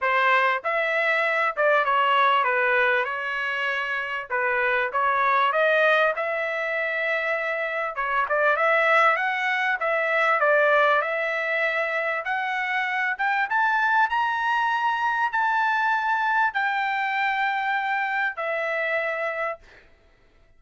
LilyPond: \new Staff \with { instrumentName = "trumpet" } { \time 4/4 \tempo 4 = 98 c''4 e''4. d''8 cis''4 | b'4 cis''2 b'4 | cis''4 dis''4 e''2~ | e''4 cis''8 d''8 e''4 fis''4 |
e''4 d''4 e''2 | fis''4. g''8 a''4 ais''4~ | ais''4 a''2 g''4~ | g''2 e''2 | }